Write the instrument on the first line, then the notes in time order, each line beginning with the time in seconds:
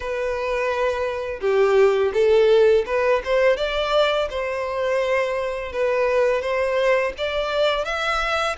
violin
0.00 B4
1.40 G4
2.13 A4
2.86 B4
3.24 C5
3.56 D5
4.30 C5
5.72 B4
6.41 C5
7.17 D5
7.84 E5